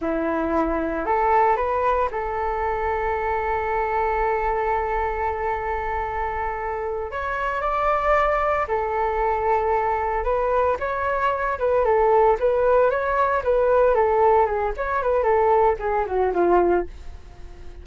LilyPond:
\new Staff \with { instrumentName = "flute" } { \time 4/4 \tempo 4 = 114 e'2 a'4 b'4 | a'1~ | a'1~ | a'4. cis''4 d''4.~ |
d''8 a'2. b'8~ | b'8 cis''4. b'8 a'4 b'8~ | b'8 cis''4 b'4 a'4 gis'8 | cis''8 b'8 a'4 gis'8 fis'8 f'4 | }